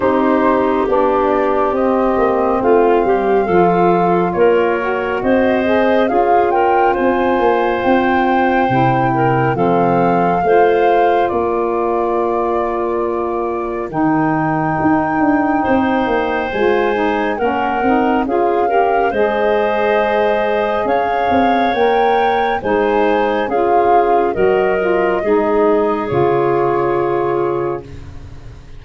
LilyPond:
<<
  \new Staff \with { instrumentName = "flute" } { \time 4/4 \tempo 4 = 69 c''4 d''4 dis''4 f''4~ | f''4 cis''4 dis''4 f''8 g''8 | gis''4 g''2 f''4~ | f''4 d''2. |
g''2. gis''4 | fis''4 f''4 dis''2 | f''4 g''4 gis''4 f''4 | dis''2 cis''2 | }
  \new Staff \with { instrumentName = "clarinet" } { \time 4/4 g'2. f'8 g'8 | a'4 ais'4 c''4 gis'8 ais'8 | c''2~ c''8 ais'8 a'4 | c''4 ais'2.~ |
ais'2 c''2 | ais'4 gis'8 ais'8 c''2 | cis''2 c''4 gis'4 | ais'4 gis'2. | }
  \new Staff \with { instrumentName = "saxophone" } { \time 4/4 dis'4 d'4 c'2 | f'4. fis'4 gis'8 f'4~ | f'2 e'4 c'4 | f'1 |
dis'2. f'8 dis'8 | cis'8 dis'8 f'8 g'8 gis'2~ | gis'4 ais'4 dis'4 f'4 | fis'8 f'8 dis'4 f'2 | }
  \new Staff \with { instrumentName = "tuba" } { \time 4/4 c'4 b4 c'8 ais8 a8 g8 | f4 ais4 c'4 cis'4 | c'8 ais8 c'4 c4 f4 | a4 ais2. |
dis4 dis'8 d'8 c'8 ais8 gis4 | ais8 c'8 cis'4 gis2 | cis'8 c'8 ais4 gis4 cis'4 | fis4 gis4 cis2 | }
>>